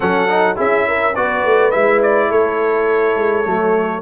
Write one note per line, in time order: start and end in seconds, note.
0.00 0.59 F#3
0.00 0.28 C#4
0.00 0.56 A4
0.00 0.56 F#5
0.28 0.56 D#4
0.56 1.16 C#4
0.56 1.13 E4
0.56 0.85 G#4
0.56 1.15 E5
0.87 1.16 A#4
1.15 1.44 B3
1.15 1.72 F#4
1.15 2.29 B4
1.15 1.71 D5
1.44 1.73 A3
1.71 2.30 G#3
1.71 3.44 E4
1.71 2.00 E5
2.02 2.31 D5
2.29 3.16 A3
2.29 4.02 A4
2.29 4.02 C#5
3.16 3.45 G#3
3.44 4.02 F#3
3.44 4.02 A3